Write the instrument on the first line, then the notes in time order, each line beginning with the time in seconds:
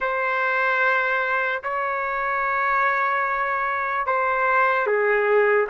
trumpet
0.00 C5
1.63 C#5
4.06 C5
4.86 G#4